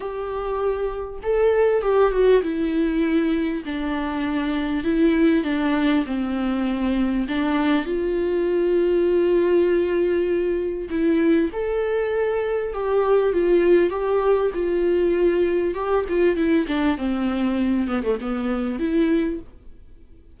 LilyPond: \new Staff \with { instrumentName = "viola" } { \time 4/4 \tempo 4 = 99 g'2 a'4 g'8 fis'8 | e'2 d'2 | e'4 d'4 c'2 | d'4 f'2.~ |
f'2 e'4 a'4~ | a'4 g'4 f'4 g'4 | f'2 g'8 f'8 e'8 d'8 | c'4. b16 a16 b4 e'4 | }